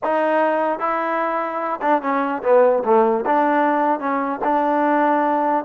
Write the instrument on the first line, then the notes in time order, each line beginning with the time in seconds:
trombone
0.03 D#4
0.79 E4
1.81 D4
2.02 C#4
2.43 B3
2.84 A3
3.26 D4
3.99 C#4
4.44 D4